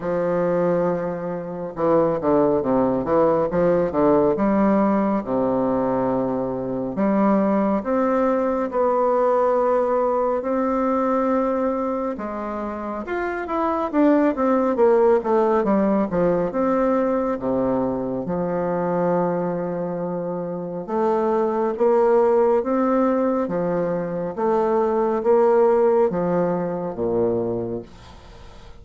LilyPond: \new Staff \with { instrumentName = "bassoon" } { \time 4/4 \tempo 4 = 69 f2 e8 d8 c8 e8 | f8 d8 g4 c2 | g4 c'4 b2 | c'2 gis4 f'8 e'8 |
d'8 c'8 ais8 a8 g8 f8 c'4 | c4 f2. | a4 ais4 c'4 f4 | a4 ais4 f4 ais,4 | }